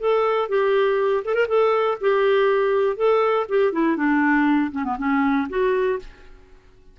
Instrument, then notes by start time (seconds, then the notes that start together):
clarinet
0.00 A4
0.49 G4
1.25 A4
1.35 A#4
1.48 A4
2.01 G4
2.97 A4
3.49 G4
3.72 E4
3.97 D4
4.72 C#4
4.85 B3
4.98 C#4
5.49 F#4